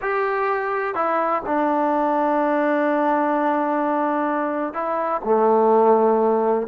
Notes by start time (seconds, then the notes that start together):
0.01 G4
0.95 E4
1.46 D4
4.73 E4
5.24 A3